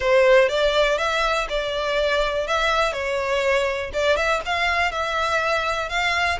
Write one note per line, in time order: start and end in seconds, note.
0.00 0.48 C5
0.48 0.97 D5
0.97 1.47 E5
1.49 2.47 D5
2.47 2.92 E5
2.92 3.91 C#5
3.93 4.16 D5
4.16 4.40 E5
4.45 4.91 F5
4.91 5.89 E5
5.89 6.38 F5